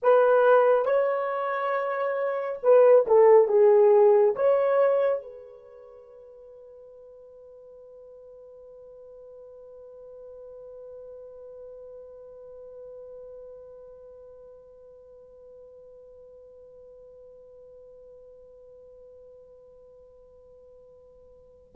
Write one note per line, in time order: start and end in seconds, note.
0.02 0.85 B4
0.85 2.59 C#5
2.62 3.06 B4
3.06 3.47 A4
3.47 4.34 G#4
4.35 5.22 C#5
5.22 21.74 B4